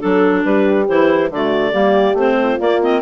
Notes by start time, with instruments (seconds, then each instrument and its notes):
0.00 bassoon F#3, clarinet D4 A4, horn A4
0.45 bassoon G3, horn G4, clarinet B4
0.89 bassoon E3, clarinet E4 C5
1.31 bassoon D3, clarinet A3 D5, horn F#4
1.71 bassoon G3, clarinet A#3, horn G4
2.14 bassoon A3, clarinet C4 C5
2.44 horn F4
2.60 clarinet A#3 D5, bassoon A#3
2.82 clarinet C4 D#5